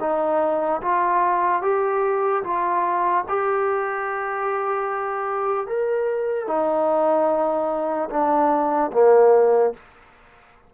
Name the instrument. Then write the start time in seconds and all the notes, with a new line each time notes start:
trombone
0.00 D#4
0.81 F4
1.62 G4
2.43 F4
3.28 G4
5.67 A#4
6.47 D#4
8.10 D4
8.92 A#3